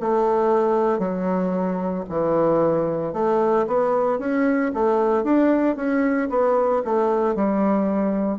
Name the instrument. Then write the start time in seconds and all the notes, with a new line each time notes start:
bassoon
0.00 A3
0.99 F#3
2.09 E3
3.13 A3
3.67 B3
4.19 C#4
4.74 A3
5.23 D4
5.76 C#4
6.30 B3
6.84 A3
7.35 G3